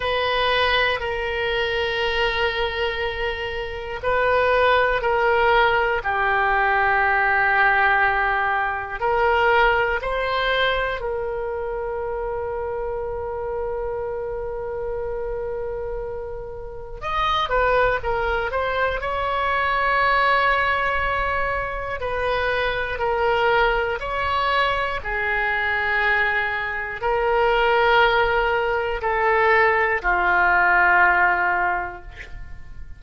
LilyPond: \new Staff \with { instrumentName = "oboe" } { \time 4/4 \tempo 4 = 60 b'4 ais'2. | b'4 ais'4 g'2~ | g'4 ais'4 c''4 ais'4~ | ais'1~ |
ais'4 dis''8 b'8 ais'8 c''8 cis''4~ | cis''2 b'4 ais'4 | cis''4 gis'2 ais'4~ | ais'4 a'4 f'2 | }